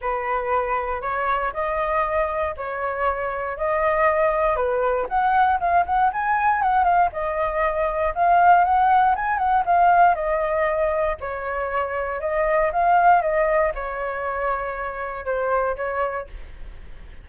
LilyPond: \new Staff \with { instrumentName = "flute" } { \time 4/4 \tempo 4 = 118 b'2 cis''4 dis''4~ | dis''4 cis''2 dis''4~ | dis''4 b'4 fis''4 f''8 fis''8 | gis''4 fis''8 f''8 dis''2 |
f''4 fis''4 gis''8 fis''8 f''4 | dis''2 cis''2 | dis''4 f''4 dis''4 cis''4~ | cis''2 c''4 cis''4 | }